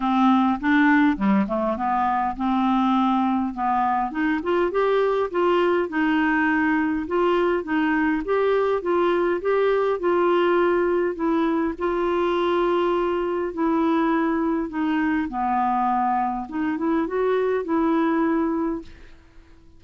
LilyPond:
\new Staff \with { instrumentName = "clarinet" } { \time 4/4 \tempo 4 = 102 c'4 d'4 g8 a8 b4 | c'2 b4 dis'8 f'8 | g'4 f'4 dis'2 | f'4 dis'4 g'4 f'4 |
g'4 f'2 e'4 | f'2. e'4~ | e'4 dis'4 b2 | dis'8 e'8 fis'4 e'2 | }